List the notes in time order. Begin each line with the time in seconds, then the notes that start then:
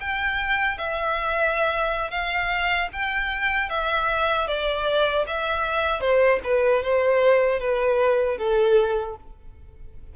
0.00 G5
0.78 E5
2.11 F5
2.93 G5
3.69 E5
4.47 D5
5.27 E5
6.00 C5
6.44 B4
6.83 C5
7.60 B4
8.38 A4